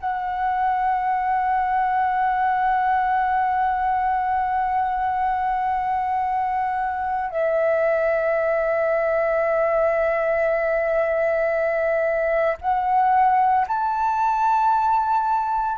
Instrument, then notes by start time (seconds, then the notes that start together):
flute
0.00 F#5
7.30 E5
12.61 F#5
13.67 A5